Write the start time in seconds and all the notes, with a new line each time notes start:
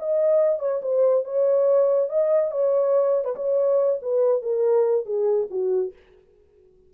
0.00 D#5
0.60 C#5
0.82 C5
1.25 C#5
2.10 D#5
2.52 C#5
3.25 B4
3.36 C#5
4.03 B4
4.43 A#4
5.06 G#4
5.51 F#4